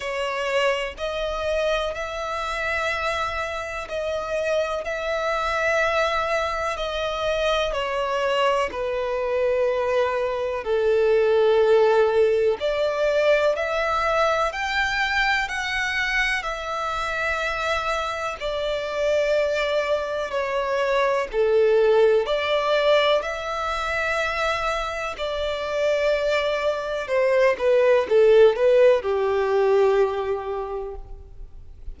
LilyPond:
\new Staff \with { instrumentName = "violin" } { \time 4/4 \tempo 4 = 62 cis''4 dis''4 e''2 | dis''4 e''2 dis''4 | cis''4 b'2 a'4~ | a'4 d''4 e''4 g''4 |
fis''4 e''2 d''4~ | d''4 cis''4 a'4 d''4 | e''2 d''2 | c''8 b'8 a'8 b'8 g'2 | }